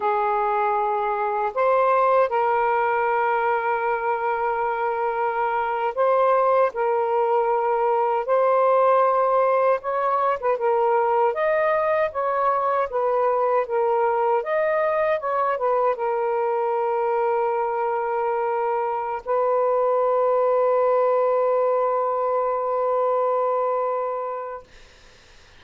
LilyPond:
\new Staff \with { instrumentName = "saxophone" } { \time 4/4 \tempo 4 = 78 gis'2 c''4 ais'4~ | ais'2.~ ais'8. c''16~ | c''8. ais'2 c''4~ c''16~ | c''8. cis''8. b'16 ais'4 dis''4 cis''16~ |
cis''8. b'4 ais'4 dis''4 cis''16~ | cis''16 b'8 ais'2.~ ais'16~ | ais'4 b'2.~ | b'1 | }